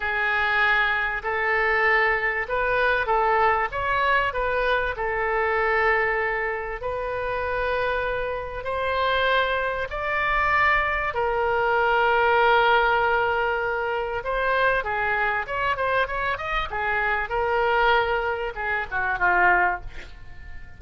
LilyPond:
\new Staff \with { instrumentName = "oboe" } { \time 4/4 \tempo 4 = 97 gis'2 a'2 | b'4 a'4 cis''4 b'4 | a'2. b'4~ | b'2 c''2 |
d''2 ais'2~ | ais'2. c''4 | gis'4 cis''8 c''8 cis''8 dis''8 gis'4 | ais'2 gis'8 fis'8 f'4 | }